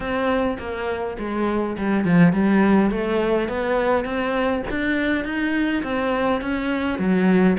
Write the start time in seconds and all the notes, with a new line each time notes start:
0.00 C4
0.58 A#3
1.18 G#3
1.77 G3
2.04 F3
2.32 G3
2.90 A3
3.48 B3
4.04 C4
4.70 D4
5.24 D#4
5.83 C4
6.41 C#4
6.98 F#3